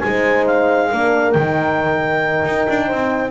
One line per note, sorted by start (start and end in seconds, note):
0.00 0.92 G#3
0.00 0.90 D#4
0.00 0.90 C5
0.00 0.44 G#5
0.46 1.32 F5
0.90 1.34 A#3
0.90 1.35 D4
0.90 2.86 A#4
1.32 2.44 D#3
1.32 3.31 D#4
1.32 3.30 G5
2.45 2.67 D#4
2.69 2.91 D4
2.86 3.31 C4
2.86 3.30 C5